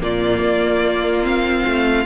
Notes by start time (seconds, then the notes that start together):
0.00 A#2 A#3 F4 D5
0.40 A#3
1.23 C4 F5
1.66 A3